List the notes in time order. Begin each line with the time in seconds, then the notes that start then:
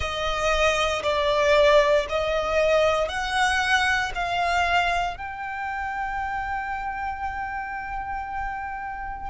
0.00 D#5
1.03 D5
2.09 D#5
3.08 F#5
4.14 F5
5.17 G5